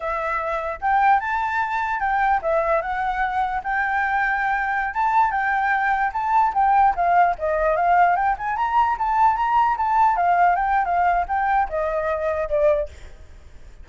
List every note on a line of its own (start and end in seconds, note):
0.00 0.79 E5
0.81 1.20 G5
1.20 2.00 A5
2.00 2.40 G5
2.42 2.81 E5
2.81 3.62 F#5
3.63 4.94 G5
4.94 5.31 A5
5.31 6.11 G5
6.12 6.53 A5
6.54 6.94 G5
6.95 7.35 F5
7.38 7.76 D#5
7.76 8.16 F5
8.16 8.36 G5
8.38 8.56 G#5
8.56 8.96 A#5
8.98 9.36 A5
9.36 9.76 A#5
9.77 10.16 A5
10.16 10.55 F5
10.55 10.85 G5
10.85 11.25 F5
11.28 11.68 G5
11.69 12.48 D#5
12.48 12.89 D5